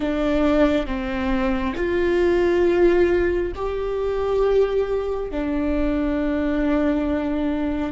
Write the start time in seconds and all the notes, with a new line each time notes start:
0.00 D4
0.86 C4
1.76 F4
3.55 G4
5.31 D4